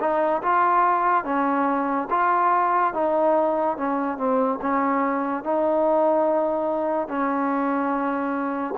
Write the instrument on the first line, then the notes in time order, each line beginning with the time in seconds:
trombone
0.00 D#4
0.42 F4
1.24 C#4
2.10 F4
2.94 D#4
3.77 C#4
4.17 C4
4.61 C#4
5.43 D#4
7.08 C#4